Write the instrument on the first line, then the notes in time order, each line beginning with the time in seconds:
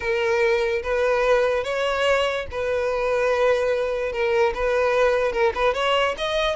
violin
0.00 A#4
0.83 B4
1.64 C#5
2.51 B4
4.12 A#4
4.54 B4
5.32 A#4
5.54 B4
5.74 C#5
6.17 D#5